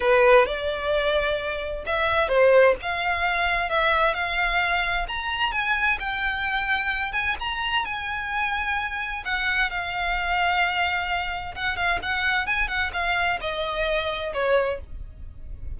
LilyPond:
\new Staff \with { instrumentName = "violin" } { \time 4/4 \tempo 4 = 130 b'4 d''2. | e''4 c''4 f''2 | e''4 f''2 ais''4 | gis''4 g''2~ g''8 gis''8 |
ais''4 gis''2. | fis''4 f''2.~ | f''4 fis''8 f''8 fis''4 gis''8 fis''8 | f''4 dis''2 cis''4 | }